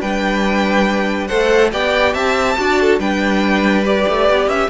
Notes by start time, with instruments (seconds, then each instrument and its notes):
0.00 cello G3, viola D4, violin B4 G5
1.27 cello A3, viola A4, violin C5 F#5
1.72 cello B3, viola G4, violin D5 G5
2.13 cello C4, violin E5 A5
2.58 cello D4, viola F#4, violin D5
2.80 violin A4
2.99 cello G3, viola D4, violin B4 G5
3.84 viola G4, violin D5
4.08 cello A3
4.29 cello B3
4.47 cello C#4, violin E5